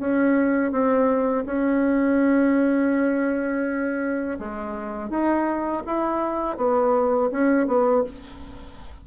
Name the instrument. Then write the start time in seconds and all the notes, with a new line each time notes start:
bassoon
0.00 C#4
0.72 C4
1.46 C#4
4.39 G#3
5.10 D#4
5.87 E4
6.57 B3
7.32 C#4
7.67 B3